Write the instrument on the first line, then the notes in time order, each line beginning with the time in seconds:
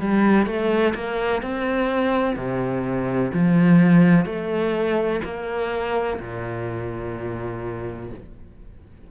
cello
0.00 G3
0.47 A3
0.95 A#3
1.43 C4
2.36 C3
3.34 F3
4.26 A3
5.25 A#3
6.20 A#2